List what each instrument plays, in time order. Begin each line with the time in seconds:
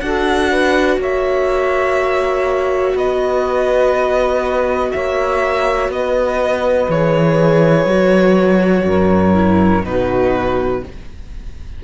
0.00 cello D4, viola F#4, saxophone A4, violin F#5
0.49 saxophone B4
0.97 cello A#3, saxophone C#5, violin E5
2.93 cello B3, saxophone B4, violin D#5
4.91 cello A#3, saxophone C#5, violin E5
5.89 cello B3, saxophone B4, violin D#5
6.88 cello E3, viola G#4, violin C#5
7.85 cello F#3, viola F#4
8.85 cello F#2, saxophone A#4
9.33 viola E4
9.84 cello B2, viola D#4, saxophone F#4, violin B4